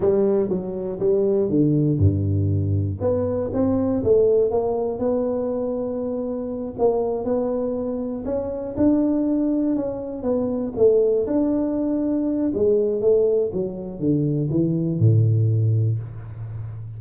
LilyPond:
\new Staff \with { instrumentName = "tuba" } { \time 4/4 \tempo 4 = 120 g4 fis4 g4 d4 | g,2 b4 c'4 | a4 ais4 b2~ | b4. ais4 b4.~ |
b8 cis'4 d'2 cis'8~ | cis'8 b4 a4 d'4.~ | d'4 gis4 a4 fis4 | d4 e4 a,2 | }